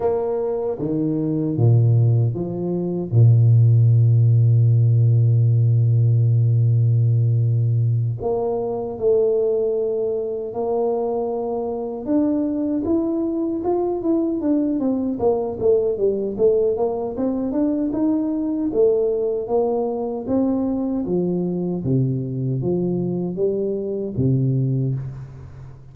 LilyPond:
\new Staff \with { instrumentName = "tuba" } { \time 4/4 \tempo 4 = 77 ais4 dis4 ais,4 f4 | ais,1~ | ais,2~ ais,8 ais4 a8~ | a4. ais2 d'8~ |
d'8 e'4 f'8 e'8 d'8 c'8 ais8 | a8 g8 a8 ais8 c'8 d'8 dis'4 | a4 ais4 c'4 f4 | c4 f4 g4 c4 | }